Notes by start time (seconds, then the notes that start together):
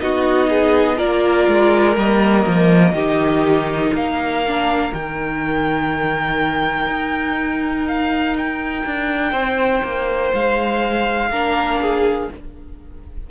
0.00 B3 D#4 F#4 D#5
0.49 G#4
0.97 A#3 F4 A#4 D5
1.48 G#3
1.97 G3 A#3 D#5
2.47 F3
2.93 D#3 D#4 G4
3.90 A#3 A#4 F5
4.48 D4
4.92 D#3 D#4 G5
6.87 D#4
7.88 F5
8.38 G5
8.86 D4
9.32 C4 C5
9.83 A#3
10.34 G#3 F5
11.31 A#3 D4 A#4
11.82 G#4